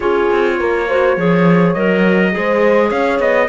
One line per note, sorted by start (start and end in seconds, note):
0.00 0.30 C#4
0.00 0.87 F4
0.00 0.55 G#4
0.00 1.73 C#5
0.31 0.60 C4
0.59 1.16 A#3
0.59 0.87 A#4
0.87 1.17 F#4
0.87 1.16 C5
1.16 1.75 F3
1.16 1.75 G#4
1.16 2.32 C#5
1.73 2.34 F#3
1.73 2.31 A#4
1.73 2.90 D#5
2.31 2.91 G#3
2.31 3.48 G#4
2.31 2.88 C5
2.88 3.19 C#4
2.88 3.47 C#5
2.88 3.19 F5
3.19 3.48 B3
3.19 3.48 D#5